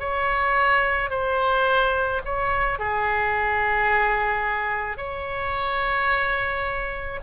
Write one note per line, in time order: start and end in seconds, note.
0.00 1.11 C#5
1.11 2.22 C5
2.25 2.79 C#5
2.79 4.98 G#4
4.98 7.20 C#5